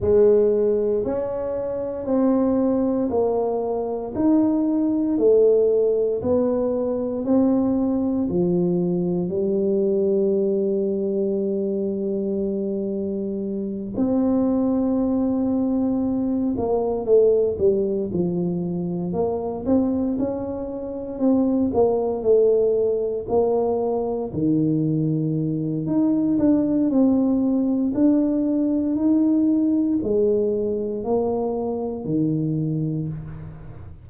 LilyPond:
\new Staff \with { instrumentName = "tuba" } { \time 4/4 \tempo 4 = 58 gis4 cis'4 c'4 ais4 | dis'4 a4 b4 c'4 | f4 g2.~ | g4. c'2~ c'8 |
ais8 a8 g8 f4 ais8 c'8 cis'8~ | cis'8 c'8 ais8 a4 ais4 dis8~ | dis4 dis'8 d'8 c'4 d'4 | dis'4 gis4 ais4 dis4 | }